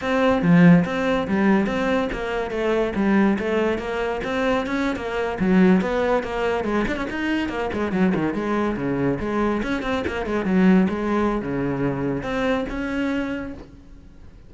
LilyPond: \new Staff \with { instrumentName = "cello" } { \time 4/4 \tempo 4 = 142 c'4 f4 c'4 g4 | c'4 ais4 a4 g4 | a4 ais4 c'4 cis'8. ais16~ | ais8. fis4 b4 ais4 gis16~ |
gis16 d'16 cis'16 dis'4 ais8 gis8 fis8 dis8 gis16~ | gis8. cis4 gis4 cis'8 c'8 ais16~ | ais16 gis8 fis4 gis4~ gis16 cis4~ | cis4 c'4 cis'2 | }